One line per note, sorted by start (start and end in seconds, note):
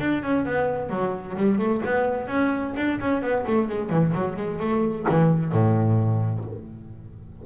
0.00 0.23 D4
0.23 0.45 C#4
0.45 0.90 B3
0.90 1.36 F#3
1.37 1.59 G3
1.59 1.82 A3
1.85 2.27 B3
2.27 2.74 C#4
2.77 3.00 D4
3.00 3.22 C#4
3.22 3.45 B3
3.47 3.69 A3
3.69 3.90 G#3
3.90 4.13 E3
4.14 4.36 F#3
4.36 4.59 G#3
4.60 5.06 A3
5.09 5.52 E3
5.52 6.44 A2